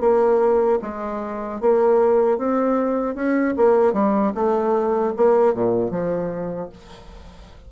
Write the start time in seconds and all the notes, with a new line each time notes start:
0.00 A#3
0.81 G#3
1.60 A#3
2.37 C4
3.15 C#4
3.56 A#3
3.93 G3
4.34 A3
5.16 A#3
5.54 A#2
5.90 F3